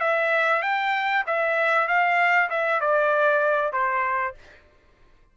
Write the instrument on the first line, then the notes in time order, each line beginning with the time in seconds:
trumpet
0.00 E5
0.62 G5
1.27 E5
1.88 F5
2.50 E5
2.80 D5
3.73 C5